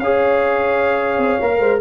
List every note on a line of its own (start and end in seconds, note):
0.00 1.19 C#4
0.00 1.42 G#4
0.00 1.60 C#5
0.00 1.80 F5
1.19 1.39 C4
1.42 1.61 A#3
1.42 1.82 A#4
1.60 1.81 G#3
1.60 1.80 C5